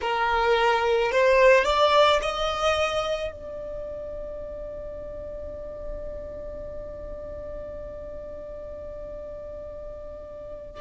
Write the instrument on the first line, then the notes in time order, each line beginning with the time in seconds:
violin
0.01 A#4
1.11 C5
1.64 D5
2.22 D#5
3.32 D5